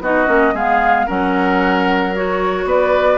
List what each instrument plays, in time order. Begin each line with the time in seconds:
0.00 bassoon B3, clarinet D#4, oboe F#4, flute D#5
0.26 bassoon A#3, clarinet C#4
0.53 bassoon G#3, clarinet B3, oboe G#4, flute F5
1.06 bassoon F#3, clarinet C#4, oboe A#4, flute F#5
2.15 clarinet F#4, flute C#5
2.65 bassoon B3, oboe B4, flute D5